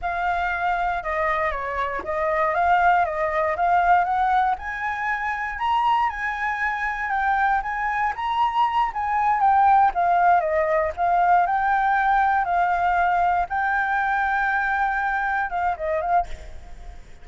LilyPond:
\new Staff \with { instrumentName = "flute" } { \time 4/4 \tempo 4 = 118 f''2 dis''4 cis''4 | dis''4 f''4 dis''4 f''4 | fis''4 gis''2 ais''4 | gis''2 g''4 gis''4 |
ais''4. gis''4 g''4 f''8~ | f''8 dis''4 f''4 g''4.~ | g''8 f''2 g''4.~ | g''2~ g''8 f''8 dis''8 f''8 | }